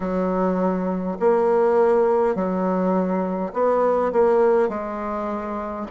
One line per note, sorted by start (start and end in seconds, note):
0.00 1.18 F#3
1.19 2.35 A#3
2.35 3.52 F#3
3.53 4.12 B3
4.12 4.68 A#3
4.68 5.86 G#3